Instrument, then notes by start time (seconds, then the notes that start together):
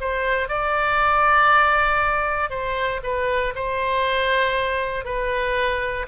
oboe
0.00 C5
0.48 D5
2.50 C5
3.03 B4
3.55 C5
5.04 B4